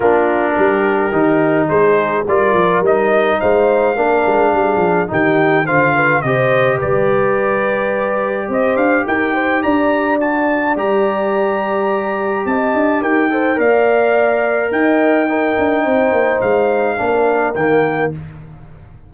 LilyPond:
<<
  \new Staff \with { instrumentName = "trumpet" } { \time 4/4 \tempo 4 = 106 ais'2. c''4 | d''4 dis''4 f''2~ | f''4 g''4 f''4 dis''4 | d''2. dis''8 f''8 |
g''4 ais''4 a''4 ais''4~ | ais''2 a''4 g''4 | f''2 g''2~ | g''4 f''2 g''4 | }
  \new Staff \with { instrumentName = "horn" } { \time 4/4 f'4 g'2 gis'4 | ais'2 c''4 ais'4 | gis'4 g'4 c''8 b'8 c''4 | b'2. c''4 |
ais'8 c''8 d''2.~ | d''2 dis''4 ais'8 c''8 | d''2 dis''4 ais'4 | c''2 ais'2 | }
  \new Staff \with { instrumentName = "trombone" } { \time 4/4 d'2 dis'2 | f'4 dis'2 d'4~ | d'4 dis'4 f'4 g'4~ | g'1~ |
g'2 fis'4 g'4~ | g'2.~ g'8 a'8 | ais'2. dis'4~ | dis'2 d'4 ais4 | }
  \new Staff \with { instrumentName = "tuba" } { \time 4/4 ais4 g4 dis4 gis4 | g8 f8 g4 gis4 ais8 gis8 | g8 f8 dis4 d4 c4 | g2. c'8 d'8 |
dis'4 d'2 g4~ | g2 c'8 d'8 dis'4 | ais2 dis'4. d'8 | c'8 ais8 gis4 ais4 dis4 | }
>>